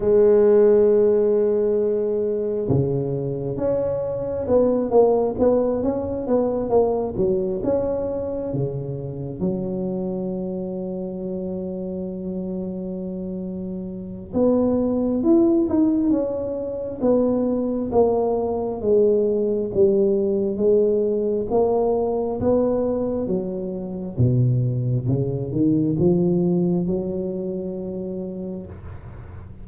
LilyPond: \new Staff \with { instrumentName = "tuba" } { \time 4/4 \tempo 4 = 67 gis2. cis4 | cis'4 b8 ais8 b8 cis'8 b8 ais8 | fis8 cis'4 cis4 fis4.~ | fis1 |
b4 e'8 dis'8 cis'4 b4 | ais4 gis4 g4 gis4 | ais4 b4 fis4 b,4 | cis8 dis8 f4 fis2 | }